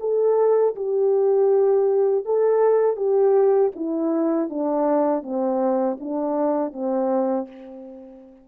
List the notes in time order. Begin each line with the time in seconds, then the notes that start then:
0.00 A4
0.75 G4
2.25 A4
2.97 G4
3.76 E4
4.49 D4
5.23 C4
6.00 D4
6.73 C4